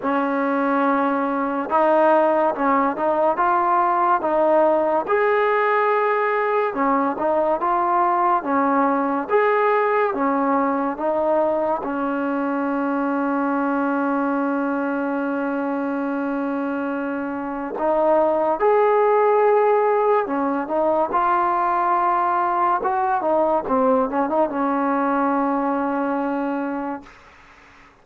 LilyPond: \new Staff \with { instrumentName = "trombone" } { \time 4/4 \tempo 4 = 71 cis'2 dis'4 cis'8 dis'8 | f'4 dis'4 gis'2 | cis'8 dis'8 f'4 cis'4 gis'4 | cis'4 dis'4 cis'2~ |
cis'1~ | cis'4 dis'4 gis'2 | cis'8 dis'8 f'2 fis'8 dis'8 | c'8 cis'16 dis'16 cis'2. | }